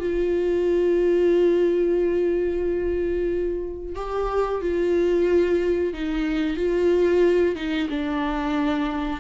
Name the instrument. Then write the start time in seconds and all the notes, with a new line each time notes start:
viola
0.00 F4
3.96 G4
4.62 F4
5.94 D#4
6.57 F4
7.56 D#4
7.90 D4